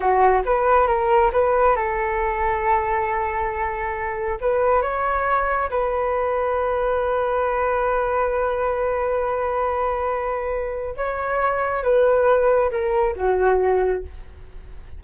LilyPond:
\new Staff \with { instrumentName = "flute" } { \time 4/4 \tempo 4 = 137 fis'4 b'4 ais'4 b'4 | a'1~ | a'2 b'4 cis''4~ | cis''4 b'2.~ |
b'1~ | b'1~ | b'4 cis''2 b'4~ | b'4 ais'4 fis'2 | }